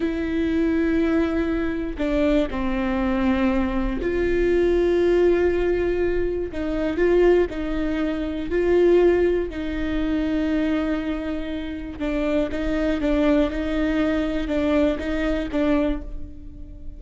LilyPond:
\new Staff \with { instrumentName = "viola" } { \time 4/4 \tempo 4 = 120 e'1 | d'4 c'2. | f'1~ | f'4 dis'4 f'4 dis'4~ |
dis'4 f'2 dis'4~ | dis'1 | d'4 dis'4 d'4 dis'4~ | dis'4 d'4 dis'4 d'4 | }